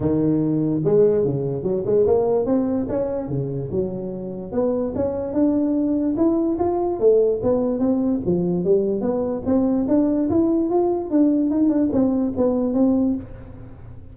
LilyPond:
\new Staff \with { instrumentName = "tuba" } { \time 4/4 \tempo 4 = 146 dis2 gis4 cis4 | fis8 gis8 ais4 c'4 cis'4 | cis4 fis2 b4 | cis'4 d'2 e'4 |
f'4 a4 b4 c'4 | f4 g4 b4 c'4 | d'4 e'4 f'4 d'4 | dis'8 d'8 c'4 b4 c'4 | }